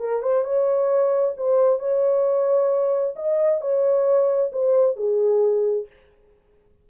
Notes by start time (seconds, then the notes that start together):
0.00 A#4
0.22 C5
0.44 C#5
1.37 C5
1.79 C#5
3.16 D#5
3.61 C#5
4.52 C5
4.96 G#4